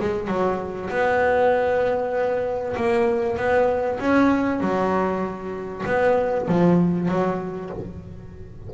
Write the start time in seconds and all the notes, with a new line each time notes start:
0.00 G#3
0.28 F#3
0.90 B3
2.76 A#3
3.37 B3
4.00 C#4
4.61 F#3
5.86 B3
6.48 F3
7.08 F#3